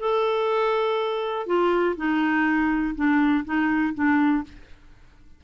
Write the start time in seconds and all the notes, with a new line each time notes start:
0.00 A4
1.47 F4
1.97 D#4
2.96 D4
3.45 D#4
3.95 D4